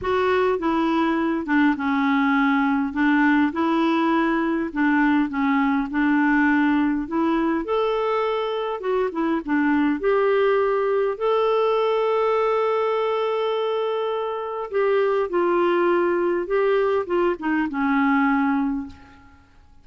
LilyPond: \new Staff \with { instrumentName = "clarinet" } { \time 4/4 \tempo 4 = 102 fis'4 e'4. d'8 cis'4~ | cis'4 d'4 e'2 | d'4 cis'4 d'2 | e'4 a'2 fis'8 e'8 |
d'4 g'2 a'4~ | a'1~ | a'4 g'4 f'2 | g'4 f'8 dis'8 cis'2 | }